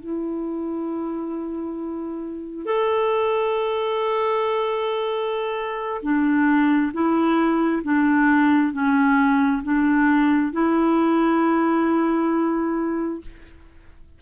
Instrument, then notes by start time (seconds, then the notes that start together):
clarinet
0.00 E4
2.66 A4
6.03 D4
6.94 E4
7.84 D4
8.73 C#4
9.64 D4
10.53 E4